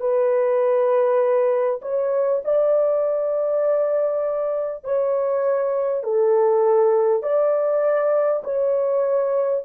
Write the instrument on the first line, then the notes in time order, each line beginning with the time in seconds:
horn
0.00 B4
1.82 C#5
2.44 D5
4.84 C#5
6.03 A4
7.23 D5
8.44 C#5